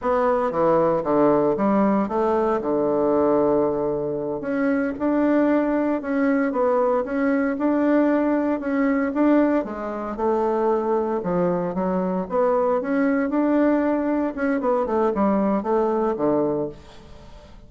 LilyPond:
\new Staff \with { instrumentName = "bassoon" } { \time 4/4 \tempo 4 = 115 b4 e4 d4 g4 | a4 d2.~ | d8 cis'4 d'2 cis'8~ | cis'8 b4 cis'4 d'4.~ |
d'8 cis'4 d'4 gis4 a8~ | a4. f4 fis4 b8~ | b8 cis'4 d'2 cis'8 | b8 a8 g4 a4 d4 | }